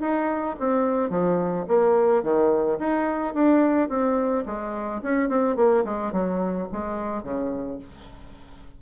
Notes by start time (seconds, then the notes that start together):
0.00 D#4
0.59 C4
1.10 F3
1.67 A#3
2.23 D#3
2.79 D#4
3.34 D4
3.89 C4
4.46 G#3
5.02 C#4
5.29 C4
5.56 A#3
5.85 G#3
6.12 F#3
6.72 G#3
7.23 C#3